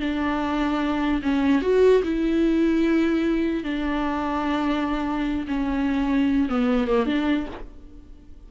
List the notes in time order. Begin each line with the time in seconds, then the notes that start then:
0.00 D4
1.22 C#4
1.62 F#4
2.03 E4
3.63 D4
5.48 C#4
6.49 B3
6.88 A#3
7.06 D4